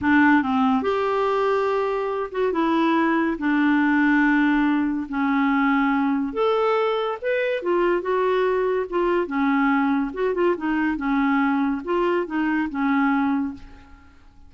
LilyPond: \new Staff \with { instrumentName = "clarinet" } { \time 4/4 \tempo 4 = 142 d'4 c'4 g'2~ | g'4. fis'8 e'2 | d'1 | cis'2. a'4~ |
a'4 b'4 f'4 fis'4~ | fis'4 f'4 cis'2 | fis'8 f'8 dis'4 cis'2 | f'4 dis'4 cis'2 | }